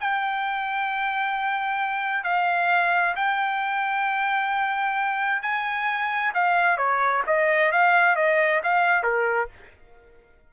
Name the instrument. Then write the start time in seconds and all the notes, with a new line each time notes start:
trumpet
0.00 G5
2.24 F5
3.16 G5
5.42 G#5
6.34 F5
6.77 C#5
7.27 D#5
7.72 F5
8.16 D#5
8.63 F5
9.03 A#4